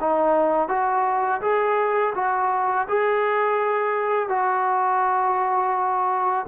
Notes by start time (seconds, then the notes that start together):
0.00 D#4
0.69 F#4
1.41 G#4
2.15 F#4
2.88 G#4
4.29 F#4